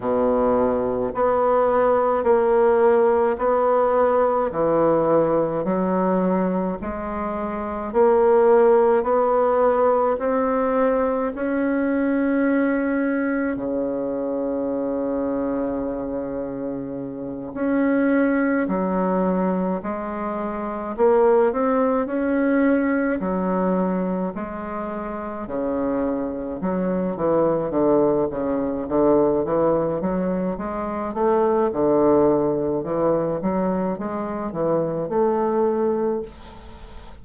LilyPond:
\new Staff \with { instrumentName = "bassoon" } { \time 4/4 \tempo 4 = 53 b,4 b4 ais4 b4 | e4 fis4 gis4 ais4 | b4 c'4 cis'2 | cis2.~ cis8 cis'8~ |
cis'8 fis4 gis4 ais8 c'8 cis'8~ | cis'8 fis4 gis4 cis4 fis8 | e8 d8 cis8 d8 e8 fis8 gis8 a8 | d4 e8 fis8 gis8 e8 a4 | }